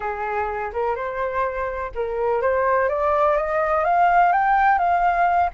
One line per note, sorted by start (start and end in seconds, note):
0.00 0.71 G#4
0.72 0.95 A#4
0.95 1.91 C5
1.94 2.41 A#4
2.41 2.88 C5
2.88 3.36 D5
3.36 3.84 D#5
3.84 4.32 F5
4.32 4.78 G5
4.78 5.50 F5